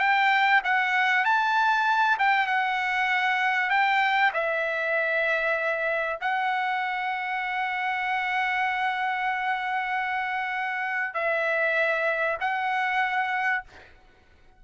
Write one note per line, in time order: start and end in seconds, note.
0.00 0.62 G5
0.64 1.25 F#5
1.25 2.18 A5
2.19 2.47 G5
2.47 3.70 F#5
3.70 4.32 G5
4.34 6.20 E5
6.21 11.14 F#5
11.14 12.38 E5
12.41 13.64 F#5